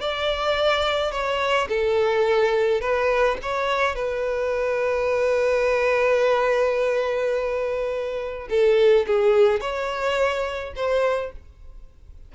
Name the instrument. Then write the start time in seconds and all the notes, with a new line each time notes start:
violin
0.00 D5
1.11 C#5
1.68 A4
2.80 B4
3.42 C#5
3.95 B4
8.49 A4
9.06 G#4
9.60 C#5
10.75 C5